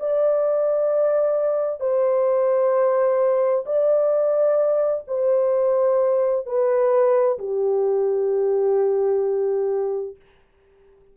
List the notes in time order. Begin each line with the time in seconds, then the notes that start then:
0.00 D5
1.80 C5
3.66 D5
5.08 C5
6.46 B4
7.39 G4